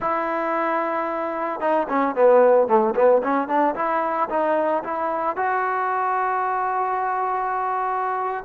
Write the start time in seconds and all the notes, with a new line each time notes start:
0.00 E4
1.60 D#4
1.88 C#4
2.15 B3
2.67 A3
2.95 B3
3.23 C#4
3.47 D4
3.75 E4
4.29 D#4
4.83 E4
5.36 F#4